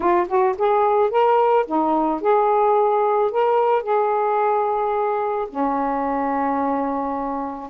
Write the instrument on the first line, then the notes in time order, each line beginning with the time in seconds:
saxophone
0.00 F4
0.28 F#4
0.58 G#4
1.10 A#4
1.66 D#4
2.21 G#4
3.31 A#4
3.82 G#4
5.49 C#4